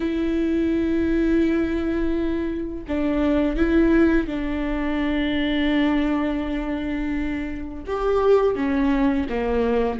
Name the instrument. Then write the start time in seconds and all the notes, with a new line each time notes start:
viola
0.00 E4
2.88 D4
3.56 E4
4.27 D4
7.86 G4
8.55 C#4
9.29 A#3